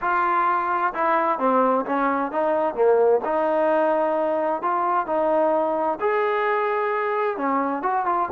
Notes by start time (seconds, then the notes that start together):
0.01 F4
0.94 E4
1.38 C4
1.85 C#4
2.31 D#4
2.74 A#3
3.24 D#4
4.62 F4
5.06 D#4
6.00 G#4
7.37 C#4
7.82 F#4
8.05 F4